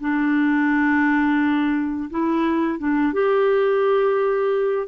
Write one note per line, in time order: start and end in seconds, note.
0.00 2.09 D4
2.10 2.78 E4
2.78 3.13 D4
3.13 4.87 G4